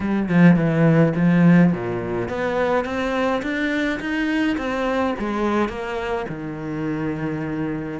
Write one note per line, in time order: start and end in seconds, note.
0.00 0.28 G3
0.28 0.56 F3
0.56 1.13 E3
1.15 1.72 F3
1.72 2.29 A#2
2.29 2.84 B3
2.84 3.41 C4
3.42 3.99 D4
3.99 4.57 D#4
4.57 5.14 C4
5.19 5.68 G#3
5.68 6.25 A#3
6.28 7.99 D#3